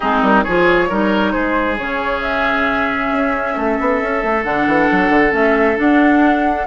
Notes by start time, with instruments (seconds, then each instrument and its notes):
0.00 bassoon G#3, clarinet C4, oboe D#4, flute G#4
0.22 bassoon G3, flute A#4
0.43 bassoon F3, clarinet F4, oboe G#4, flute C#5
0.88 bassoon G3, clarinet D#4, oboe A#4
1.31 bassoon G#3, oboe G#4, flute C5
1.78 bassoon C#3, clarinet C#4, flute C#5
2.22 flute E5
3.12 bassoon C#4
3.55 bassoon A3, oboe A4
3.79 bassoon B3
4.01 bassoon C#4
4.23 bassoon A3
4.43 bassoon D3, clarinet D4, flute F#5
4.67 bassoon E3
4.91 bassoon F#3
5.09 bassoon D3
5.30 bassoon A3, clarinet C#4, flute E5
5.76 clarinet D4, bassoon D4, flute F#5